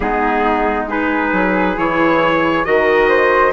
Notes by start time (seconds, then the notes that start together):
0.00 G#3 B3 D#4 G#4
0.88 D#4 G#4 B4
1.32 F#3
1.76 E3 E4 C#5
2.64 D#3 F#4 A#4 D#5
3.08 C5